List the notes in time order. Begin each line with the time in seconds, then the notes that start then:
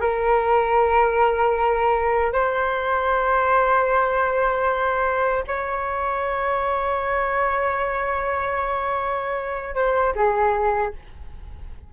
0.00 A#4
2.32 C5
5.47 C#5
9.74 C5
10.15 G#4